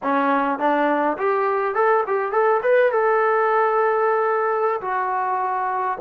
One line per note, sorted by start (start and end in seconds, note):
0.02 0.58 C#4
0.58 1.17 D4
1.17 1.74 G4
1.74 2.04 A4
2.07 2.31 G4
2.31 2.61 A4
2.62 2.91 B4
2.91 4.80 A4
4.81 5.97 F#4